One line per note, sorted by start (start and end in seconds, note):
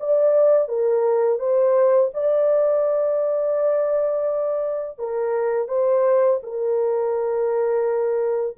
0.00 0.68 D5
0.68 1.39 A#4
1.39 2.10 C5
2.14 4.99 D5
4.99 5.69 A#4
5.69 6.40 C5
6.43 8.57 A#4